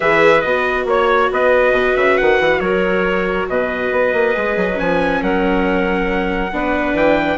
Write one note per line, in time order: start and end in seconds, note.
0.00 0.44 E3
0.00 0.42 G#4
0.00 0.85 B4
0.00 0.41 E5
0.41 0.85 B3
0.41 4.34 F#4
0.41 0.84 D#5
0.85 1.28 A#3
0.85 1.31 C#5
1.31 1.72 B3
1.31 2.61 B4
1.31 1.97 D#5
1.72 1.93 B2
1.96 2.18 C#3
1.96 2.17 E5
2.17 2.39 D#3
2.17 2.60 F#5
2.39 2.60 E3
2.60 3.46 F#3
2.60 3.48 A#4
2.60 3.47 C#5
3.48 3.91 B2
3.48 5.21 B4
3.48 4.79 D#5
3.91 4.13 B3
4.13 4.34 A#3
4.34 4.56 G#3
4.34 4.74 G#4
4.56 4.78 F#3
4.74 5.22 F3
4.74 6.48 C#4
4.74 5.22 G#5
5.21 6.52 F#3
5.21 6.52 A#4
5.21 6.97 F#5
6.52 6.93 B3
6.52 7.38 D4
6.52 7.38 B4
6.93 7.37 E3
6.93 7.38 G5